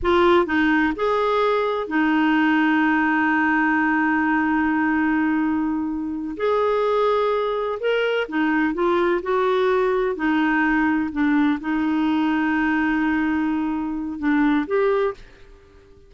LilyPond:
\new Staff \with { instrumentName = "clarinet" } { \time 4/4 \tempo 4 = 127 f'4 dis'4 gis'2 | dis'1~ | dis'1~ | dis'4. gis'2~ gis'8~ |
gis'8 ais'4 dis'4 f'4 fis'8~ | fis'4. dis'2 d'8~ | d'8 dis'2.~ dis'8~ | dis'2 d'4 g'4 | }